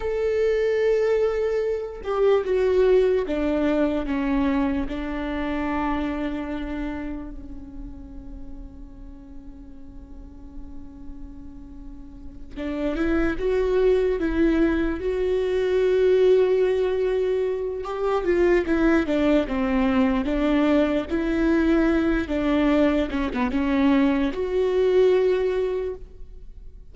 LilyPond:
\new Staff \with { instrumentName = "viola" } { \time 4/4 \tempo 4 = 74 a'2~ a'8 g'8 fis'4 | d'4 cis'4 d'2~ | d'4 cis'2.~ | cis'2.~ cis'8 d'8 |
e'8 fis'4 e'4 fis'4.~ | fis'2 g'8 f'8 e'8 d'8 | c'4 d'4 e'4. d'8~ | d'8 cis'16 b16 cis'4 fis'2 | }